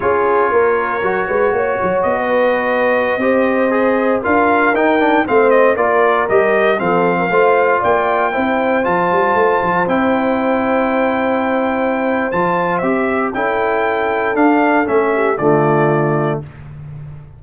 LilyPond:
<<
  \new Staff \with { instrumentName = "trumpet" } { \time 4/4 \tempo 4 = 117 cis''1 | dis''1~ | dis''16 f''4 g''4 f''8 dis''8 d''8.~ | d''16 dis''4 f''2 g''8.~ |
g''4~ g''16 a''2 g''8.~ | g''1 | a''4 e''4 g''2 | f''4 e''4 d''2 | }
  \new Staff \with { instrumentName = "horn" } { \time 4/4 gis'4 ais'4. b'8 cis''4~ | cis''16 b'2 c''4.~ c''16~ | c''16 ais'2 c''4 ais'8.~ | ais'4~ ais'16 a'8. ais'16 c''4 d''8.~ |
d''16 c''2.~ c''8.~ | c''1~ | c''2 a'2~ | a'4. g'8 f'2 | }
  \new Staff \with { instrumentName = "trombone" } { \time 4/4 f'2 fis'2~ | fis'2~ fis'16 g'4 gis'8.~ | gis'16 f'4 dis'8 d'8 c'4 f'8.~ | f'16 g'4 c'4 f'4.~ f'16~ |
f'16 e'4 f'2 e'8.~ | e'1 | f'4 g'4 e'2 | d'4 cis'4 a2 | }
  \new Staff \with { instrumentName = "tuba" } { \time 4/4 cis'4 ais4 fis8 gis8 ais8 fis8 | b2~ b16 c'4.~ c'16~ | c'16 d'4 dis'4 a4 ais8.~ | ais16 g4 f4 a4 ais8.~ |
ais16 c'4 f8 g8 a8 f8 c'8.~ | c'1 | f4 c'4 cis'2 | d'4 a4 d2 | }
>>